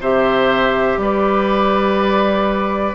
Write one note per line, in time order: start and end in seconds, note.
0.00 0.97 C3
0.00 2.94 G4
0.00 0.99 C5
0.00 1.01 E5
0.97 2.94 G3
0.97 2.94 B4
0.97 2.94 D5